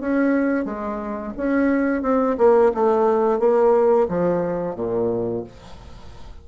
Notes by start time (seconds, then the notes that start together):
0.00 C#4
0.65 G#3
1.37 C#4
2.02 C4
2.38 A#3
2.74 A3
3.39 A#3
4.08 F3
4.75 A#2